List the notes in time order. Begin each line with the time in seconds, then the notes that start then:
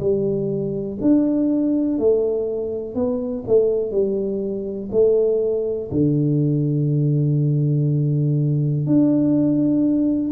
0.00 G3
1.02 D4
1.99 A3
2.95 B3
3.47 A3
3.92 G3
4.92 A3
5.92 D3
8.87 D4